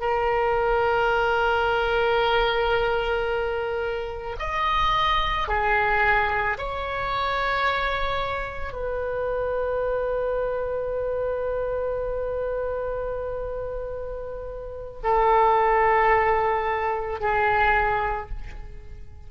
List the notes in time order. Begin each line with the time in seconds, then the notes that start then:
0.00 A#4
4.39 D#5
5.48 G#4
6.58 C#5
8.73 B4
15.03 A4
17.20 G#4